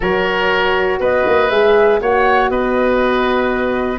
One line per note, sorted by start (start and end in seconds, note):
0.00 0.99 F#3
0.00 1.50 F#4
0.00 0.99 A#4
0.00 1.01 C#5
0.99 1.24 B3
0.99 2.00 B4
0.99 1.50 D#5
1.26 1.50 A#3
1.50 2.00 G#3
1.50 2.00 G#4
1.50 2.00 E5
2.00 2.50 A#3
2.00 3.99 F#4
2.00 2.51 C#5
2.00 2.50 F#5
2.50 3.99 B3
2.50 3.99 B4
2.50 3.99 D#5